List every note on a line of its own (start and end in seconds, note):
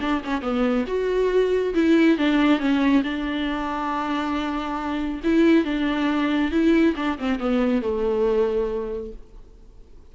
0.00 0.22 D4
0.24 0.41 C#4
0.41 0.85 B3
0.87 1.74 F#4
1.74 2.18 E4
2.18 2.59 D4
2.59 3.03 C#4
3.03 5.21 D4
5.24 5.64 E4
5.64 6.51 D4
6.51 6.94 E4
6.96 7.18 D4
7.19 7.39 C4
7.39 7.81 B3
7.81 9.12 A3